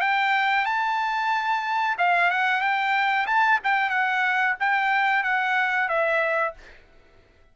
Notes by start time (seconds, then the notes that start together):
0.00 G5
0.65 A5
1.98 F5
2.30 F#5
2.61 G5
3.26 A5
3.63 G5
3.89 F#5
4.59 G5
5.23 F#5
5.88 E5